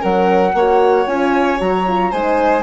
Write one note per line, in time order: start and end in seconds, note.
0.00 0.54 F#3
0.00 0.52 C#4
0.00 0.53 A#4
0.00 1.07 F#5
0.54 1.06 A#3
0.54 1.07 F#4
0.54 2.11 C#5
1.06 1.59 C#4
1.06 1.58 F4
1.06 1.60 G#5
1.58 2.13 F#3
1.58 1.84 F#4
1.58 2.12 A#5
1.87 2.14 F4
2.11 2.63 G#3
2.11 2.63 D#4
2.11 2.63 C5
2.11 2.63 G#5